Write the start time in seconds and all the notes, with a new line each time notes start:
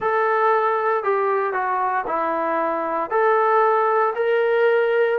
0.00 A4
1.03 G4
1.53 F#4
2.06 E4
3.10 A4
4.15 A#4